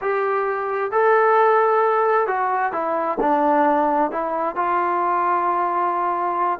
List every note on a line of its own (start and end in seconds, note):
0.01 0.91 G4
0.91 2.27 A4
2.27 2.72 F#4
2.72 3.18 E4
3.20 4.11 D4
4.11 4.55 E4
4.55 6.59 F4